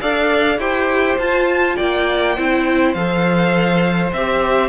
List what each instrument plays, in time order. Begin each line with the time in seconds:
0.00 cello D4, viola A4, violin D5 F5
0.58 cello E4, viola G4, violin C5 G5
1.18 cello F4, viola F4, violin A5
1.76 cello A#3, violin D5 G5
2.35 cello C4, viola E4, violin C5
2.93 cello F3, viola A4, violin F5
4.13 cello C4, viola G4, violin E5